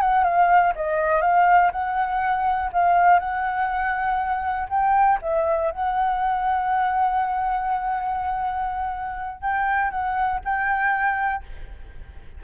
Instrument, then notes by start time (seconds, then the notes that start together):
flute
0.00 F#5
0.24 F5
0.75 D#5
1.21 F5
1.72 F#5
2.72 F5
3.19 F#5
4.69 G5
5.21 E5
5.71 F#5
9.41 G5
9.90 F#5
10.44 G5